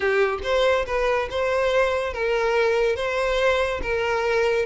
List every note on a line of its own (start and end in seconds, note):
0.00 0.39 G4
0.43 0.85 C5
0.86 1.28 B4
1.30 2.13 C5
2.13 2.96 A#4
2.96 3.80 C5
3.82 4.65 A#4